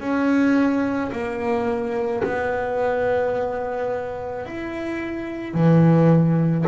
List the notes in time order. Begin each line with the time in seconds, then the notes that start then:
0.00 C#4
1.13 A#3
2.24 B3
4.46 E4
5.54 E3